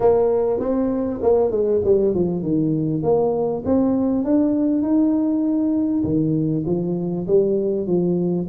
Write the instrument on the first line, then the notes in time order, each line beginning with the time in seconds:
tuba
0.00 A#3
0.59 C4
1.21 A#3
1.51 G#3
1.84 G3
2.14 F3
2.42 D#3
3.02 A#3
3.65 C4
4.24 D4
4.82 D#4
6.04 D#3
6.66 F3
7.27 G3
7.86 F3